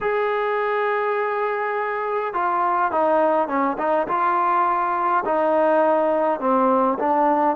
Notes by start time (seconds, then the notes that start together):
0.01 G#4
2.33 F4
2.91 D#4
3.47 C#4
3.78 D#4
4.07 F4
5.25 D#4
6.39 C4
6.98 D4